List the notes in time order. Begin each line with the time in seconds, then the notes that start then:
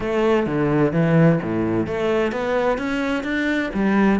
0.00 A3
0.46 D3
0.92 E3
1.42 A2
1.86 A3
2.32 B3
2.77 C#4
3.23 D4
3.74 G3